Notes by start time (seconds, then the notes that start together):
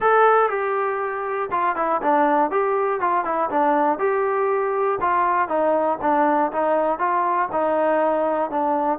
0.00 A4
0.49 G4
1.51 F4
1.76 E4
2.02 D4
2.50 G4
3.00 F4
3.24 E4
3.50 D4
3.98 G4
5.00 F4
5.48 D#4
6.01 D4
6.51 D#4
6.99 F4
7.52 D#4
8.50 D4